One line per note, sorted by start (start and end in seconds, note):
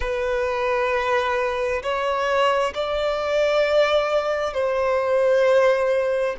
0.00 1.82 B4
1.82 2.73 C#5
2.74 4.53 D5
4.53 6.35 C5